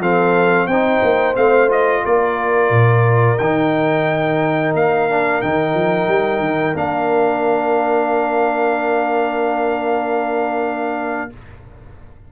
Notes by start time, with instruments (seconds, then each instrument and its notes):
0.00 tuba F3, trombone C4, horn A4, trumpet F5
0.67 tuba C4, trombone D#4, horn C5, trumpet G5
1.03 tuba A#3
1.35 tuba A3, trombone C4, trumpet F5
1.69 trombone F4, trumpet D#5
2.04 tuba A#3, horn A#4, trumpet D5
2.71 tuba A#2
3.38 tuba D#3, trombone D#4, trumpet G5
4.74 tuba A#3, trumpet F5
5.10 trombone D4
5.42 tuba D#3, trombone D#4, trumpet G5
5.75 tuba F3
6.08 tuba G3
6.40 tuba D#3
6.75 tuba A#3, trombone D4, trumpet F5